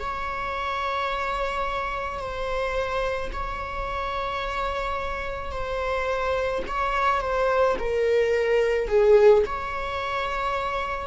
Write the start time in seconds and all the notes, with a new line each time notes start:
0.00 C#5
2.20 C5
3.33 C#5
5.52 C5
6.68 C#5
7.21 C5
7.79 A#4
8.88 G#4
9.46 C#5